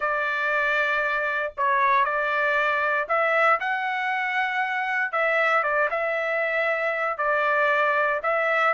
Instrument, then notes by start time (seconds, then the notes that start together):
trumpet
0.00 D5
1.57 C#5
2.04 D5
3.08 E5
3.60 F#5
5.11 E5
5.63 D5
5.90 E5
7.17 D5
8.22 E5